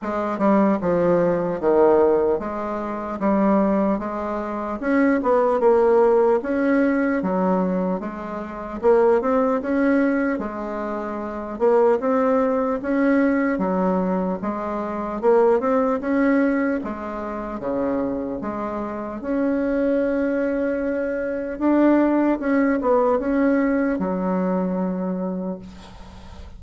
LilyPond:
\new Staff \with { instrumentName = "bassoon" } { \time 4/4 \tempo 4 = 75 gis8 g8 f4 dis4 gis4 | g4 gis4 cis'8 b8 ais4 | cis'4 fis4 gis4 ais8 c'8 | cis'4 gis4. ais8 c'4 |
cis'4 fis4 gis4 ais8 c'8 | cis'4 gis4 cis4 gis4 | cis'2. d'4 | cis'8 b8 cis'4 fis2 | }